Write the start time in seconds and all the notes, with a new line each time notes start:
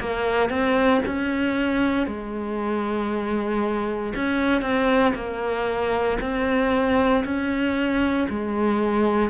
0.00 A#3
0.50 C4
1.06 C#4
2.07 G#3
4.15 C#4
4.62 C4
5.15 A#3
6.21 C4
7.25 C#4
8.30 G#3